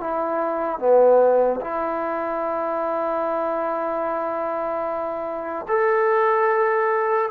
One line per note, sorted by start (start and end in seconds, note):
0.00 0.79 E4
0.79 1.60 B3
1.61 5.66 E4
5.68 7.30 A4